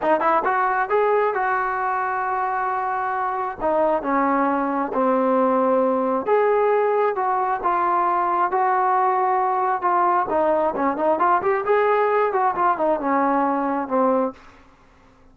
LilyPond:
\new Staff \with { instrumentName = "trombone" } { \time 4/4 \tempo 4 = 134 dis'8 e'8 fis'4 gis'4 fis'4~ | fis'1 | dis'4 cis'2 c'4~ | c'2 gis'2 |
fis'4 f'2 fis'4~ | fis'2 f'4 dis'4 | cis'8 dis'8 f'8 g'8 gis'4. fis'8 | f'8 dis'8 cis'2 c'4 | }